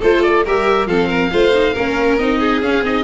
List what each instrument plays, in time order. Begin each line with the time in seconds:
0.00 tuba A3, viola F4, violin A4, oboe C5
0.22 oboe D5
0.44 tuba G3, viola G4, violin A#4, oboe E5
0.86 tuba F3, viola C4, violin A4, oboe F5
1.08 violin A#4
1.31 tuba A3, viola F4, violin C5
1.53 viola D#4
1.73 tuba A#3, viola C#4, violin A#4
2.18 tuba C4, viola D#4, oboe D#5
2.39 violin G#4
2.61 tuba C#4, viola C#4, oboe F5
2.82 tuba C4, viola D#4, oboe D#5